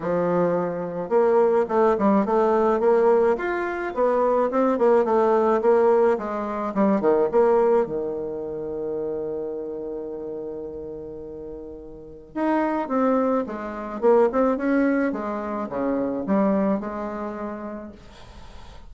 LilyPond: \new Staff \with { instrumentName = "bassoon" } { \time 4/4 \tempo 4 = 107 f2 ais4 a8 g8 | a4 ais4 f'4 b4 | c'8 ais8 a4 ais4 gis4 | g8 dis8 ais4 dis2~ |
dis1~ | dis2 dis'4 c'4 | gis4 ais8 c'8 cis'4 gis4 | cis4 g4 gis2 | }